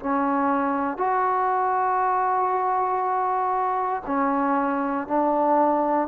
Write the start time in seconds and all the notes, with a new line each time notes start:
0.00 C#4
0.98 F#4
4.06 C#4
5.08 D4